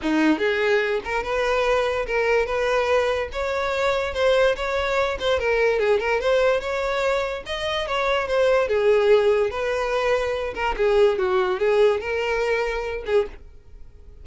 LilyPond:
\new Staff \with { instrumentName = "violin" } { \time 4/4 \tempo 4 = 145 dis'4 gis'4. ais'8 b'4~ | b'4 ais'4 b'2 | cis''2 c''4 cis''4~ | cis''8 c''8 ais'4 gis'8 ais'8 c''4 |
cis''2 dis''4 cis''4 | c''4 gis'2 b'4~ | b'4. ais'8 gis'4 fis'4 | gis'4 ais'2~ ais'8 gis'8 | }